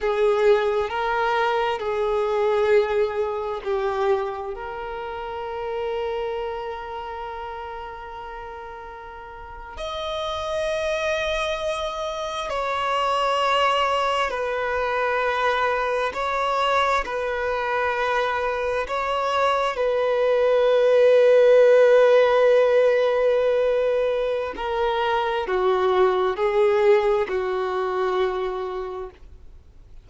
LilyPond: \new Staff \with { instrumentName = "violin" } { \time 4/4 \tempo 4 = 66 gis'4 ais'4 gis'2 | g'4 ais'2.~ | ais'2~ ais'8. dis''4~ dis''16~ | dis''4.~ dis''16 cis''2 b'16~ |
b'4.~ b'16 cis''4 b'4~ b'16~ | b'8. cis''4 b'2~ b'16~ | b'2. ais'4 | fis'4 gis'4 fis'2 | }